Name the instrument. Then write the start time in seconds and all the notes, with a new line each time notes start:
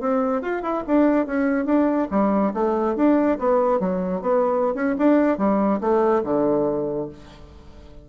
bassoon
0.00 C4
0.41 F4
0.62 E4
0.87 D4
1.26 C#4
1.65 D4
2.10 G3
2.54 A3
2.96 D4
3.38 B3
3.80 F#3
4.21 B3
4.75 C#4
4.98 D4
5.38 G3
5.80 A3
6.24 D3